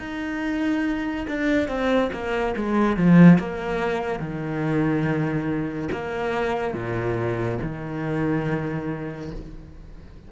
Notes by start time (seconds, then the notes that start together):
0.00 D#4
1.28 D4
1.68 C4
2.13 A#3
2.57 G#3
2.97 F3
3.39 A#3
4.20 D#3
5.92 A#3
6.74 A#2
7.62 D#3